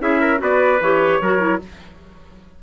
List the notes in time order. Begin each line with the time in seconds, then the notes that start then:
0.00 C#4 E4 G#4 E5
0.21 A#4
0.38 B3 F#4 B4 D5
0.81 E3 G4 C#5
1.21 F#3 F#4 A#4
1.39 E4